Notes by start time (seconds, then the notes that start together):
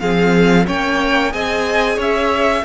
0.00 F3 C4 G#4 F5
0.67 A#3 C#4 C#5 G5
1.31 C4 G#4 D#5 G#5
1.97 C#4 C#5 E5